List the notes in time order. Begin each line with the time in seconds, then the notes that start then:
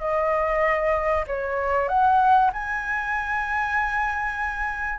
0.00 D#5
1.28 C#5
1.89 F#5
2.53 G#5